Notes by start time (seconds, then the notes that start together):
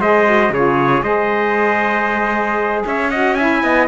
0.00 G#3 G#4 C5 D#5
0.26 F#4
0.50 C#3 F4 G#4 C#5
1.03 G#3 G#4 C5 D#5
2.86 C#4 C#5 E5
3.10 F#4 D#5 F#5
3.35 E4 E5 G#5
3.63 B3 D#5